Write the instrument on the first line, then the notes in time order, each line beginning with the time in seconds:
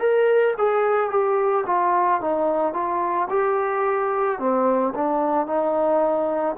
trombone
0.00 A#4
0.58 G#4
1.11 G4
1.67 F4
2.21 D#4
2.74 F4
3.30 G4
4.39 C4
4.95 D4
5.47 D#4